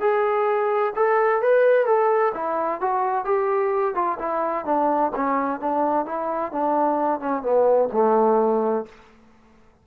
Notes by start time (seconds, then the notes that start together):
0.00 G#4
0.96 A4
1.42 B4
1.86 A4
2.34 E4
2.81 F#4
3.25 G4
3.95 F4
4.19 E4
4.65 D4
5.15 C#4
5.60 D4
6.05 E4
6.52 D4
7.20 C#4
7.42 B3
7.92 A3